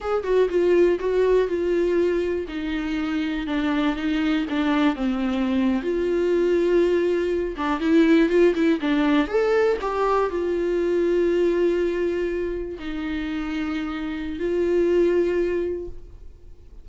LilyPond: \new Staff \with { instrumentName = "viola" } { \time 4/4 \tempo 4 = 121 gis'8 fis'8 f'4 fis'4 f'4~ | f'4 dis'2 d'4 | dis'4 d'4 c'4.~ c'16 f'16~ | f'2.~ f'16 d'8 e'16~ |
e'8. f'8 e'8 d'4 a'4 g'16~ | g'8. f'2.~ f'16~ | f'4.~ f'16 dis'2~ dis'16~ | dis'4 f'2. | }